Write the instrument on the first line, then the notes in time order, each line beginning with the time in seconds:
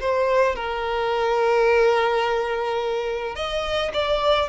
violin
0.00 C5
0.55 A#4
3.35 D#5
3.93 D5